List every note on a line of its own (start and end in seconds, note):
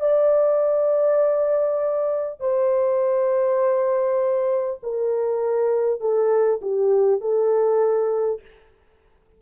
0.00 2.39 D5
2.39 4.79 C5
4.82 6.00 A#4
6.00 6.60 A4
6.61 7.21 G4
7.21 8.41 A4